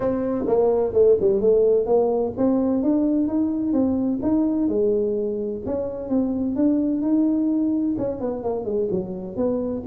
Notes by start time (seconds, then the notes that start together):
0.00 C4
0.46 A#3
0.93 A3
1.20 G3
1.41 A3
1.86 A#3
2.37 C4
2.83 D4
3.27 D#4
3.72 C4
4.22 D#4
4.68 G#3
5.65 C#4
6.09 C4
6.55 D4
7.01 D#4
7.98 C#4
8.20 B3
8.43 A#3
8.65 G#3
8.90 F#3
9.36 B3